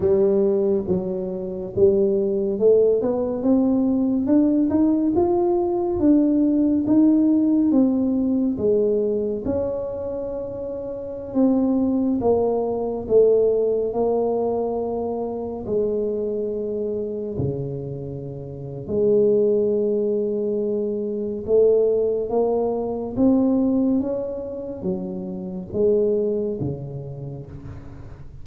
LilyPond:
\new Staff \with { instrumentName = "tuba" } { \time 4/4 \tempo 4 = 70 g4 fis4 g4 a8 b8 | c'4 d'8 dis'8 f'4 d'4 | dis'4 c'4 gis4 cis'4~ | cis'4~ cis'16 c'4 ais4 a8.~ |
a16 ais2 gis4.~ gis16~ | gis16 cis4.~ cis16 gis2~ | gis4 a4 ais4 c'4 | cis'4 fis4 gis4 cis4 | }